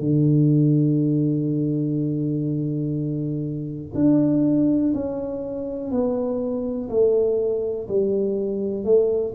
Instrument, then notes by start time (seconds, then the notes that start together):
tuba
0.00 D3
3.95 D4
4.94 C#4
5.91 B3
6.89 A3
7.88 G3
8.85 A3